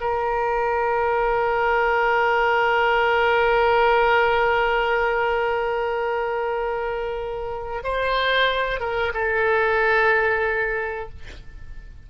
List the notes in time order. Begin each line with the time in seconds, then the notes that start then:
0.00 A#4
7.83 C5
8.80 A#4
9.13 A4